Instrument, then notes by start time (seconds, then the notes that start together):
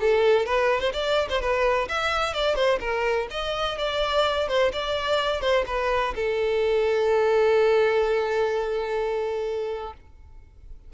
violin
0.00 A4
0.46 B4
0.80 C5
0.93 D5
1.29 C5
1.40 B4
1.88 E5
2.33 D5
2.55 C5
2.80 A#4
3.30 D#5
3.78 D5
4.48 C5
4.72 D5
5.41 C5
5.66 B4
6.15 A4